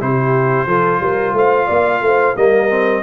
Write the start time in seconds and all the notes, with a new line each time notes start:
0.00 C3 E4 G4 C5
0.66 F3 F4 A4
1.00 G3 A#4
1.33 A3 C5 F5
1.66 A#3 D5
2.00 A3 C5
2.36 G3 A#3 A#4 D#5
2.69 C4